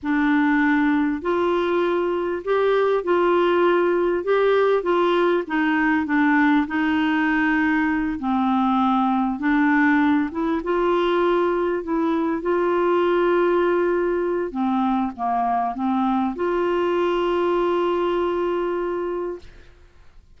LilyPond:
\new Staff \with { instrumentName = "clarinet" } { \time 4/4 \tempo 4 = 99 d'2 f'2 | g'4 f'2 g'4 | f'4 dis'4 d'4 dis'4~ | dis'4. c'2 d'8~ |
d'4 e'8 f'2 e'8~ | e'8 f'2.~ f'8 | c'4 ais4 c'4 f'4~ | f'1 | }